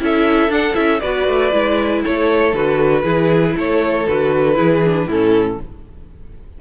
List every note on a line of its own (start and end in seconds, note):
0.00 0.49 C#4
0.00 0.51 E4
0.00 1.01 A4
0.00 0.52 E5
0.49 0.75 D4
0.49 0.74 D4
0.49 0.75 F#5
0.74 1.03 C#4
0.74 0.99 E4
0.74 1.01 E5
1.01 1.28 B3
1.01 1.52 F#4
1.01 2.03 B4
1.01 2.02 D5
1.28 1.53 A3
1.52 2.05 G#3
1.52 2.54 E4
2.04 2.54 A3
2.04 3.04 A4
2.04 2.55 C#5
2.54 3.04 D3
2.54 3.03 F#4
2.54 3.57 B4
3.03 3.56 E3
3.03 4.05 E4
3.03 3.55 G#4
3.57 4.08 A3
3.57 4.57 A4
3.57 4.09 C#5
4.08 4.59 D3
4.08 4.55 F#4
4.08 5.10 B4
4.55 5.06 E3
4.55 4.81 E4
4.55 5.07 G#4
4.85 5.11 D4
5.06 5.57 A2
5.06 5.62 C#4
5.06 5.58 E4
5.06 5.61 A4